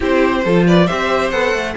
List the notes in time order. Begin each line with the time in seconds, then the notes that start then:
0.00 C4 E4 G4 C5
0.44 F3 F4 A4
0.66 B4 D5
0.86 C4 G4 C5 E5
1.30 B3 A4 F#5
1.53 A3